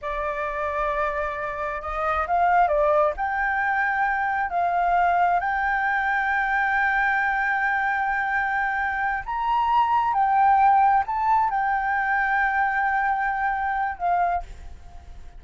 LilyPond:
\new Staff \with { instrumentName = "flute" } { \time 4/4 \tempo 4 = 133 d''1 | dis''4 f''4 d''4 g''4~ | g''2 f''2 | g''1~ |
g''1~ | g''8 ais''2 g''4.~ | g''8 a''4 g''2~ g''8~ | g''2. f''4 | }